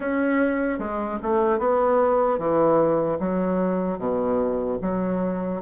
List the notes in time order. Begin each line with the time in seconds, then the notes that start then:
0.00 C#4
0.79 G#3
1.22 A3
1.59 B3
2.38 E3
3.19 F#3
3.98 B2
4.81 F#3